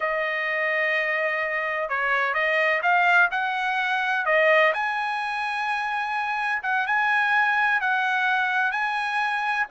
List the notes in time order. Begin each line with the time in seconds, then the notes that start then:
0.00 D#5
1.89 C#5
2.34 D#5
2.82 F5
3.31 F#5
4.25 D#5
4.73 G#5
6.62 F#5
6.86 G#5
7.81 F#5
8.71 G#5